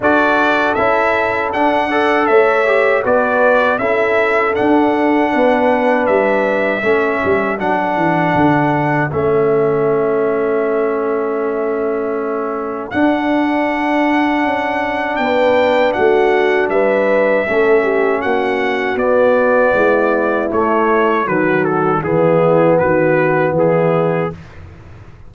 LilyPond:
<<
  \new Staff \with { instrumentName = "trumpet" } { \time 4/4 \tempo 4 = 79 d''4 e''4 fis''4 e''4 | d''4 e''4 fis''2 | e''2 fis''2 | e''1~ |
e''4 fis''2. | g''4 fis''4 e''2 | fis''4 d''2 cis''4 | b'8 a'8 gis'4 b'4 gis'4 | }
  \new Staff \with { instrumentName = "horn" } { \time 4/4 a'2~ a'8 d''8 cis''4 | b'4 a'2 b'4~ | b'4 a'2.~ | a'1~ |
a'1 | b'4 fis'4 b'4 a'8 g'8 | fis'2 e'2 | fis'4 e'4 fis'4 e'4 | }
  \new Staff \with { instrumentName = "trombone" } { \time 4/4 fis'4 e'4 d'8 a'4 g'8 | fis'4 e'4 d'2~ | d'4 cis'4 d'2 | cis'1~ |
cis'4 d'2.~ | d'2. cis'4~ | cis'4 b2 a4 | fis4 b2. | }
  \new Staff \with { instrumentName = "tuba" } { \time 4/4 d'4 cis'4 d'4 a4 | b4 cis'4 d'4 b4 | g4 a8 g8 fis8 e8 d4 | a1~ |
a4 d'2 cis'4 | b4 a4 g4 a4 | ais4 b4 gis4 a4 | dis4 e4 dis4 e4 | }
>>